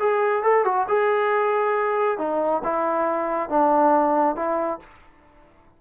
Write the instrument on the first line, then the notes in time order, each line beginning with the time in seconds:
trombone
0.00 G#4
0.43 A4
0.65 F#4
0.89 G#4
2.19 D#4
2.64 E4
3.50 D4
4.36 E4